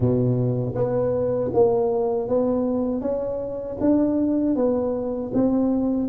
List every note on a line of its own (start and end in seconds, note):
0.00 0.74 B2
0.75 1.51 B3
1.53 2.28 A#3
2.28 3.01 B3
3.01 3.77 C#4
3.80 4.55 D4
4.55 5.31 B3
5.33 6.08 C4